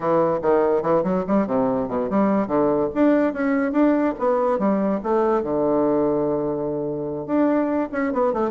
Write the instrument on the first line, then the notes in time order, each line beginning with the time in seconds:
bassoon
0.00 E3
0.42 D#3
0.82 E3
1.03 F#3
1.27 G3
1.46 C3
1.88 B2
2.09 G3
2.47 D3
2.94 D4
3.33 C#4
3.72 D4
4.19 B3
4.58 G3
5.03 A3
5.42 D3
7.26 D4
7.91 C#4
8.12 B3
8.33 A3